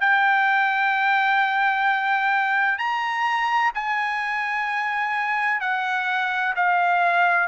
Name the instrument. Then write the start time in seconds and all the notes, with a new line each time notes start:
trumpet
0.00 G5
2.78 A#5
3.75 G#5
5.60 F#5
6.56 F5